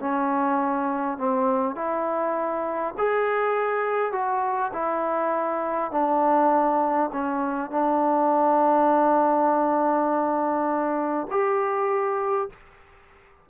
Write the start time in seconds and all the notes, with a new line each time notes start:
0.00 C#4
1.18 C4
1.76 E4
2.98 G#4
4.12 F#4
4.73 E4
5.91 D4
7.13 C#4
7.71 D4
11.31 G4